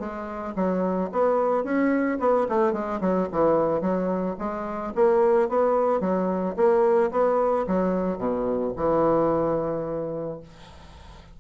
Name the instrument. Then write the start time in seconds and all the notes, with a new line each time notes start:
bassoon
0.00 G#3
0.56 F#3
1.13 B3
1.64 C#4
2.20 B3
2.49 A3
2.73 G#3
3.01 F#3
3.33 E3
3.82 F#3
4.39 G#3
4.96 A#3
5.49 B3
6.01 F#3
6.57 A#3
7.12 B3
7.68 F#3
8.18 B2
8.77 E3